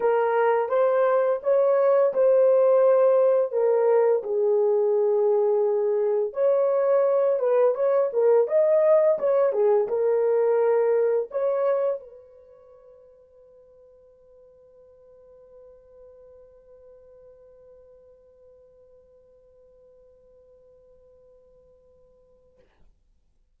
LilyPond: \new Staff \with { instrumentName = "horn" } { \time 4/4 \tempo 4 = 85 ais'4 c''4 cis''4 c''4~ | c''4 ais'4 gis'2~ | gis'4 cis''4. b'8 cis''8 ais'8 | dis''4 cis''8 gis'8 ais'2 |
cis''4 b'2.~ | b'1~ | b'1~ | b'1 | }